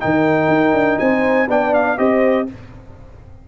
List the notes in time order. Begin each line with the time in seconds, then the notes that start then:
0.00 D#3 D#4 A#4 G5
0.48 D#4
0.73 D4
0.99 C4 C5 G#5
1.48 B3 D4 D5 G5
1.74 F5
1.97 C4 G4 C5 D#5